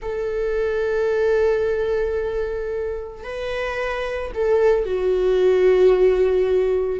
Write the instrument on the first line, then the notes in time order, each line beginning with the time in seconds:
viola
0.01 A4
3.23 B4
4.34 A4
4.85 F#4